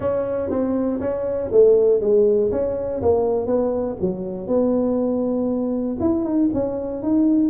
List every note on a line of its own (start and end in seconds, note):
0.00 0.50 C#4
0.50 1.00 C4
1.00 1.50 C#4
1.51 2.00 A3
2.00 2.50 G#3
2.51 3.01 C#4
3.01 3.46 A#3
3.46 3.96 B3
4.00 4.47 F#3
4.47 5.97 B3
6.00 6.24 E4
6.24 6.49 D#4
6.53 7.02 C#4
7.02 7.50 D#4